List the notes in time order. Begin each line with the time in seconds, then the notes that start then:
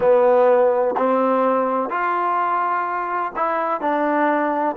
0.00 B3
0.97 C4
1.89 F4
3.36 E4
3.81 D4